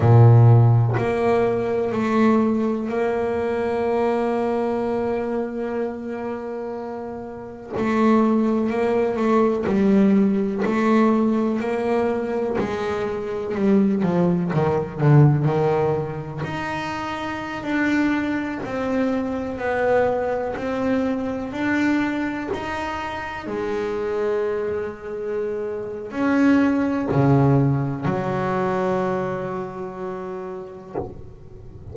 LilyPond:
\new Staff \with { instrumentName = "double bass" } { \time 4/4 \tempo 4 = 62 ais,4 ais4 a4 ais4~ | ais1 | a4 ais8 a8 g4 a4 | ais4 gis4 g8 f8 dis8 d8 |
dis4 dis'4~ dis'16 d'4 c'8.~ | c'16 b4 c'4 d'4 dis'8.~ | dis'16 gis2~ gis8. cis'4 | cis4 fis2. | }